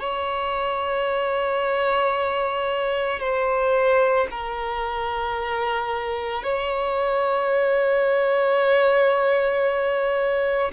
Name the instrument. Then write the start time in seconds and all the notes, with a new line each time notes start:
violin
0.00 C#5
3.20 C5
4.31 A#4
6.44 C#5